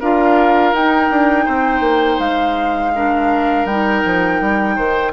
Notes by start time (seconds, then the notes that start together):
0.00 D4 F4 A#4 F5
0.73 D#4 G5
1.10 D4
1.45 C4 C5
1.80 A#3
2.19 G#3 F5
2.95 D4 A#4
3.65 G3 D#4 G5
4.05 F3
4.41 G3
4.76 D#3 C5